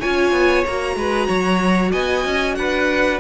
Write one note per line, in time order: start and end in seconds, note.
0.00 0.32 C#4
0.00 0.66 F4
0.00 0.96 C#5
0.00 0.65 G#5
0.32 0.63 B3
0.66 0.96 A#3
0.66 3.20 F#4
0.66 1.92 A#5
0.96 1.28 G#3
0.96 1.27 B4
1.27 1.93 F#3
1.27 1.91 C#5
1.91 2.25 B3
1.91 2.55 D#5
1.91 2.55 G#5
2.25 2.57 C#4
2.55 3.20 D4
2.55 3.20 B4
2.55 3.19 F#5